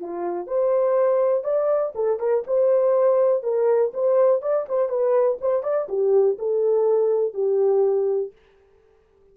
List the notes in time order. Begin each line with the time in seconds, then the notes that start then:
0.00 F4
0.47 C5
1.44 D5
1.95 A4
2.20 A#4
2.47 C5
3.43 A#4
3.94 C5
4.42 D5
4.69 C5
4.89 B4
5.41 C5
5.63 D5
5.89 G4
6.39 A4
7.34 G4